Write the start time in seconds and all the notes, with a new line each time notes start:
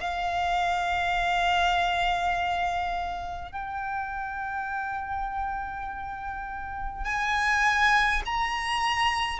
0.00 F5
3.52 G5
7.05 G#5
8.26 A#5